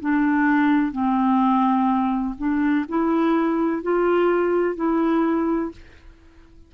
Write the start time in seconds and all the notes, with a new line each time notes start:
0.00 D4
0.92 C4
2.38 D4
2.89 E4
3.83 F4
4.76 E4